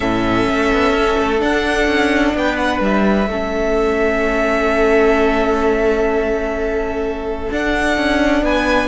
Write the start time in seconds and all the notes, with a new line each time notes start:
0.00 A2 C#4 A4 E5
0.48 A3
0.73 B3
0.92 C#4
1.18 A3
1.38 D4 F#5
1.87 C#4
2.34 B3 B4 G5
2.56 F#5
2.80 G3 E5
3.27 A3 C#4 A4
7.51 D4 F#5
7.97 C#4
8.42 B3 B4 G#5